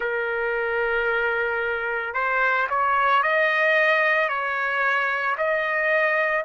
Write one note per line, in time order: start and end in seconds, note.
0.00 2.14 A#4
2.14 2.67 C5
2.69 3.22 C#5
3.22 4.29 D#5
4.29 5.36 C#5
5.37 6.44 D#5